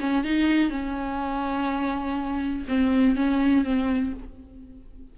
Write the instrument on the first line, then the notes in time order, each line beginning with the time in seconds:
viola
0.00 C#4
0.24 D#4
0.69 C#4
2.68 C4
3.15 C#4
3.64 C4